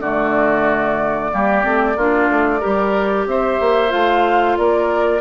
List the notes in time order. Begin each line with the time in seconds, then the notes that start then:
0.00 D3 A3 F#4 D5
1.32 G3 A#3 G4
1.63 A3 C4
1.97 A#3 D4 F4
2.29 A3
2.60 G3 G4 A#4
3.27 C4 C5 E5
3.60 A#3
3.89 A3 F4 F5
4.57 A#3 A#4 D5